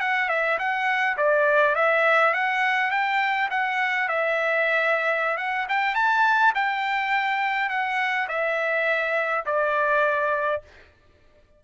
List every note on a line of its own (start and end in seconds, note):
0.00 0.28 F#5
0.28 0.57 E5
0.58 1.17 F#5
1.17 1.75 D5
1.75 2.33 E5
2.33 2.90 F#5
2.90 3.49 G5
3.50 4.08 F#5
4.08 5.37 E5
5.37 5.66 F#5
5.68 5.94 G5
5.94 6.53 A5
6.54 7.69 G5
7.69 8.27 F#5
8.28 9.44 E5
9.45 10.62 D5